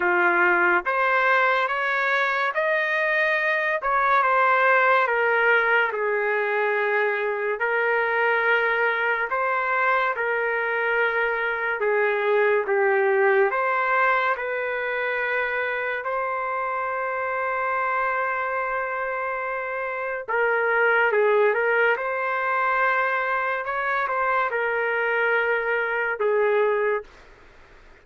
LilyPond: \new Staff \with { instrumentName = "trumpet" } { \time 4/4 \tempo 4 = 71 f'4 c''4 cis''4 dis''4~ | dis''8 cis''8 c''4 ais'4 gis'4~ | gis'4 ais'2 c''4 | ais'2 gis'4 g'4 |
c''4 b'2 c''4~ | c''1 | ais'4 gis'8 ais'8 c''2 | cis''8 c''8 ais'2 gis'4 | }